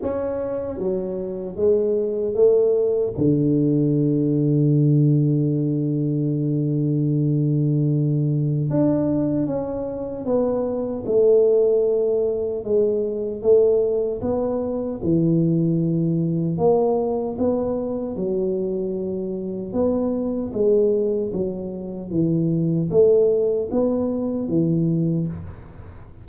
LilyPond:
\new Staff \with { instrumentName = "tuba" } { \time 4/4 \tempo 4 = 76 cis'4 fis4 gis4 a4 | d1~ | d2. d'4 | cis'4 b4 a2 |
gis4 a4 b4 e4~ | e4 ais4 b4 fis4~ | fis4 b4 gis4 fis4 | e4 a4 b4 e4 | }